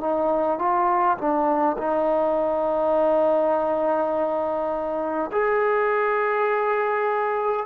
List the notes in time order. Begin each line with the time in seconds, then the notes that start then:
0.00 D#4
0.58 F4
1.18 D4
1.78 D#4
5.32 G#4